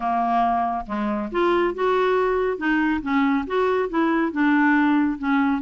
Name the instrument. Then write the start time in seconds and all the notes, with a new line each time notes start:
clarinet
0.00 A#3
0.86 G#3
1.31 F4
1.74 F#4
2.57 D#4
3.02 C#4
3.46 F#4
3.89 E4
4.32 D4
5.18 C#4